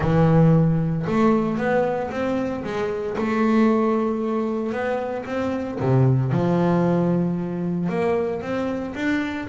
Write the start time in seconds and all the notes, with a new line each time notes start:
0.00 E3
1.06 A3
1.57 B3
2.11 C4
2.64 G#3
3.17 A3
4.72 B3
5.25 C4
5.80 C3
6.31 F3
7.89 A#3
8.41 C4
8.95 D4